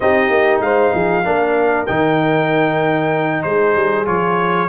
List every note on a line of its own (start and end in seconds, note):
0.00 0.29 C4
0.00 1.24 D#4
0.00 0.63 G4
0.00 0.61 D#5
0.29 0.60 A#3
0.60 0.91 G#3
0.60 0.93 C5
0.60 1.86 F5
0.93 1.25 F3
0.93 1.24 G#4
1.24 1.88 A#3
1.24 1.86 D4
1.24 3.44 A#4
1.86 3.44 D#3
1.86 4.05 D#4
1.86 3.42 G5
3.42 3.75 G#3
3.42 4.69 G#4
3.42 4.05 C5
3.75 4.07 G3
4.05 4.69 F3
4.05 4.67 F4
4.05 4.69 C#5